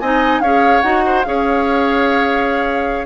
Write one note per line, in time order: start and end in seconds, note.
0.00 0.40 C4
0.00 0.44 D#4
0.00 0.42 D#5
0.00 0.41 G#5
0.40 0.81 C#4
0.40 0.83 G#4
0.40 1.04 C#5
0.40 0.82 F5
0.82 1.25 D#4
0.82 1.25 F#4
0.82 1.23 F#5
1.06 1.26 C5
1.23 3.06 C#4
1.23 3.06 G#4
1.23 3.06 C#5
1.23 3.06 F5